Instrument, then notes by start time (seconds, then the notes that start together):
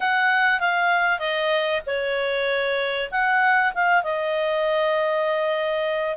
clarinet
0.00 F#5
0.59 F5
1.19 D#5
1.86 C#5
3.11 F#5
3.74 F5
4.03 D#5